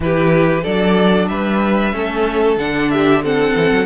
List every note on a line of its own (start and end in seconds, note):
0.00 0.64 E3
0.00 0.64 E4
0.00 0.62 G4
0.00 0.63 B4
0.62 1.28 F#3
0.62 1.92 D4
0.62 1.27 A4
0.62 1.28 D5
1.28 1.92 G3
1.28 1.95 B4
1.28 2.57 E5
1.92 2.56 A3
1.92 2.57 C#4
1.92 2.92 A4
2.56 3.53 D3
2.56 3.23 D4
2.56 2.90 F#5
2.90 3.24 G4
2.90 3.22 E5
3.23 3.86 C4
3.23 3.86 A4
3.23 3.86 F#5
3.55 3.71 E3
3.71 3.86 F#3